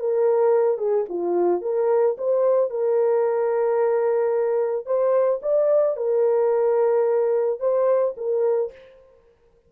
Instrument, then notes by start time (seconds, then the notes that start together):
horn
0.00 A#4
0.78 G#4
1.09 F4
1.62 A#4
2.18 C5
2.70 A#4
4.86 C5
5.42 D5
5.97 A#4
7.60 C5
8.17 A#4